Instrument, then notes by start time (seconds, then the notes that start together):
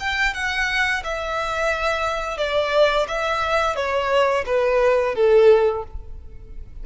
violin
0.00 G5
0.34 F#5
1.04 E5
2.38 D5
3.08 E5
3.76 C#5
4.46 B4
5.15 A4